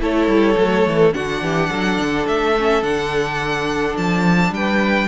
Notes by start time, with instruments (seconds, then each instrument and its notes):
0.00 cello A3, viola E4, violin A4 C#5
0.28 cello G3
0.58 cello F#3, viola A3
0.87 cello E3
1.14 cello D3, viola D4, violin F#4 F#5
1.42 cello E3, violin G4
1.71 cello F#3, violin A4
1.99 cello D3
2.28 cello A3, violin E5
2.59 viola C#4
2.83 cello D3, viola D4, violin F#5
3.98 cello F3, violin A5
4.51 cello G3, violin G5
4.57 violin B4